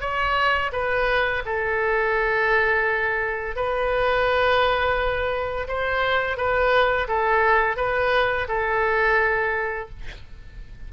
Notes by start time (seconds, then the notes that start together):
0.00 C#5
0.72 B4
1.45 A4
3.55 B4
5.67 C5
6.37 B4
7.07 A4
7.76 B4
8.48 A4